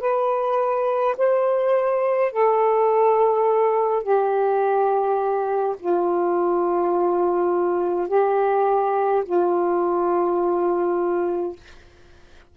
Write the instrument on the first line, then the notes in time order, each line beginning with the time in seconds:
saxophone
0.00 B4
1.17 C5
2.32 A4
4.03 G4
5.80 F4
8.09 G4
9.25 F4